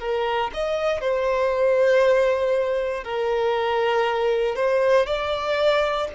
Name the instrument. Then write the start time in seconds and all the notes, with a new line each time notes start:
violin
0.00 A#4
0.54 D#5
1.01 C5
3.04 A#4
4.56 C5
5.07 D5